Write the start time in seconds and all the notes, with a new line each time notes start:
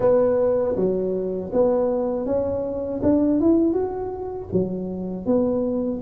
0.00 B3
0.76 F#3
1.52 B3
2.25 C#4
3.02 D4
3.40 E4
3.73 F#4
4.52 F#3
5.26 B3